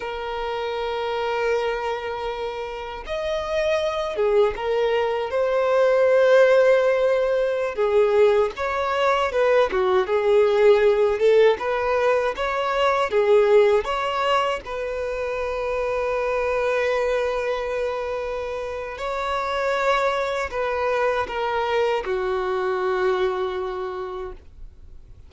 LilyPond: \new Staff \with { instrumentName = "violin" } { \time 4/4 \tempo 4 = 79 ais'1 | dis''4. gis'8 ais'4 c''4~ | c''2~ c''16 gis'4 cis''8.~ | cis''16 b'8 fis'8 gis'4. a'8 b'8.~ |
b'16 cis''4 gis'4 cis''4 b'8.~ | b'1~ | b'4 cis''2 b'4 | ais'4 fis'2. | }